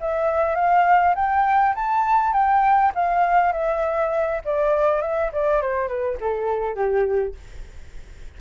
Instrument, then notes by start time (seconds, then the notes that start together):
flute
0.00 E5
0.55 F5
1.15 G5
1.75 A5
2.32 G5
2.95 F5
3.52 E5
4.44 D5
5.01 E5
5.32 D5
5.61 C5
5.88 B4
6.20 A4
6.75 G4